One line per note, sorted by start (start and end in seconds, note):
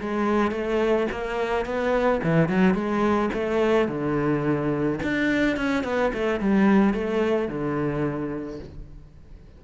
0.00 0.51 G#3
0.51 1.07 A3
1.11 1.65 A#3
1.65 2.20 B3
2.23 2.48 E3
2.48 2.74 F#3
2.74 3.29 G#3
3.33 3.88 A3
3.88 4.99 D3
5.03 5.57 D4
5.57 5.84 C#4
5.84 6.11 B3
6.13 6.40 A3
6.40 6.94 G3
6.94 7.48 A3
7.48 8.59 D3